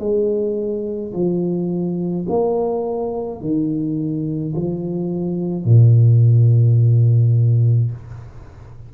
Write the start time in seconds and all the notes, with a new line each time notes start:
0.00 G#3
1.14 F3
2.30 A#3
3.41 D#3
4.55 F3
5.65 A#2